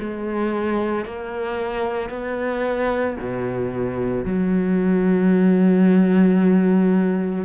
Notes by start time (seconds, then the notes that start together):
0.00 G#3
1.05 A#3
2.09 B3
3.20 B2
4.25 F#3